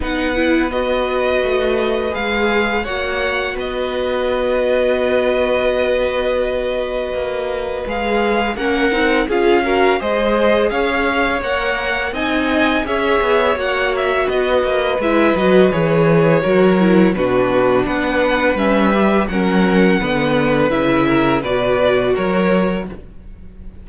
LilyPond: <<
  \new Staff \with { instrumentName = "violin" } { \time 4/4 \tempo 4 = 84 fis''4 dis''2 f''4 | fis''4 dis''2.~ | dis''2. f''4 | fis''4 f''4 dis''4 f''4 |
fis''4 gis''4 e''4 fis''8 e''8 | dis''4 e''8 dis''8 cis''2 | b'4 fis''4 e''4 fis''4~ | fis''4 e''4 d''4 cis''4 | }
  \new Staff \with { instrumentName = "violin" } { \time 4/4 b'1 | cis''4 b'2.~ | b'1 | ais'4 gis'8 ais'8 c''4 cis''4~ |
cis''4 dis''4 cis''2 | b'2. ais'4 | fis'4 b'2 ais'4 | b'4. ais'8 b'4 ais'4 | }
  \new Staff \with { instrumentName = "viola" } { \time 4/4 dis'8 e'8 fis'2 gis'4 | fis'1~ | fis'2. gis'4 | cis'8 dis'8 f'8 fis'8 gis'2 |
ais'4 dis'4 gis'4 fis'4~ | fis'4 e'8 fis'8 gis'4 fis'8 e'8 | d'2 cis'8 g'8 cis'4 | b4 e'4 fis'2 | }
  \new Staff \with { instrumentName = "cello" } { \time 4/4 b2 a4 gis4 | ais4 b2.~ | b2 ais4 gis4 | ais8 c'8 cis'4 gis4 cis'4 |
ais4 c'4 cis'8 b8 ais4 | b8 ais8 gis8 fis8 e4 fis4 | b,4 b4 g4 fis4 | d4 cis4 b,4 fis4 | }
>>